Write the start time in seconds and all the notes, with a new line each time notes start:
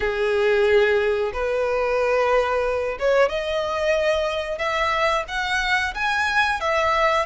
0.00 G#4
1.33 B4
2.99 C#5
3.29 D#5
4.58 E5
5.27 F#5
5.94 G#5
6.60 E5